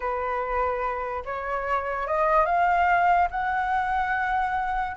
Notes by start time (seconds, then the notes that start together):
0.00 B4
1.25 C#5
2.07 D#5
2.45 F5
3.30 F#5